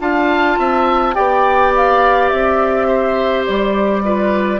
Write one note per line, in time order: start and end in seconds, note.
0.00 0.58 D4
0.00 1.14 F4
0.00 0.59 F5
0.00 1.15 A5
0.58 1.16 C4
0.58 1.15 E5
1.14 2.32 B3
1.14 4.03 G4
1.14 2.87 D5
1.14 1.73 G5
1.76 2.29 F5
2.29 3.48 C4
2.29 3.44 E5
2.87 4.03 C5
3.46 4.60 G3
3.46 4.60 D5
4.04 4.60 F4
4.04 4.60 B4